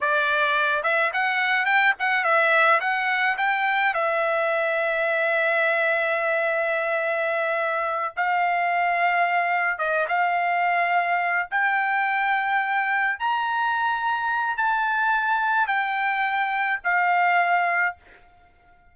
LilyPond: \new Staff \with { instrumentName = "trumpet" } { \time 4/4 \tempo 4 = 107 d''4. e''8 fis''4 g''8 fis''8 | e''4 fis''4 g''4 e''4~ | e''1~ | e''2~ e''8 f''4.~ |
f''4. dis''8 f''2~ | f''8 g''2. ais''8~ | ais''2 a''2 | g''2 f''2 | }